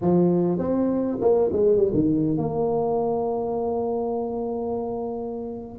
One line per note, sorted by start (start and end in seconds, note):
0.01 0.58 F3
0.58 1.17 C4
1.20 1.50 A#3
1.52 1.77 G#3
1.77 1.91 G3
1.93 2.37 D#3
2.37 5.79 A#3